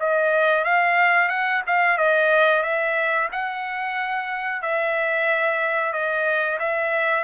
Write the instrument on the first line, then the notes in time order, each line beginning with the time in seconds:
trumpet
0.00 D#5
0.65 F5
1.29 F#5
1.68 F5
1.98 D#5
2.63 E5
3.32 F#5
4.62 E5
5.93 D#5
6.60 E5